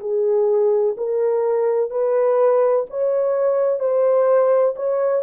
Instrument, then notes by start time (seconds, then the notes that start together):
horn
0.00 G#4
0.97 A#4
1.90 B4
2.90 C#5
3.80 C5
4.76 C#5